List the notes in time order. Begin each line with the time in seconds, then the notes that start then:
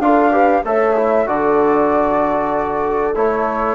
0.00 D4 F4 A4 F5
0.32 G4 B4
0.65 A3 A4 C#5 E5
0.97 E4
1.27 D3 F#4 A4 D5
3.16 A3 E4 C#5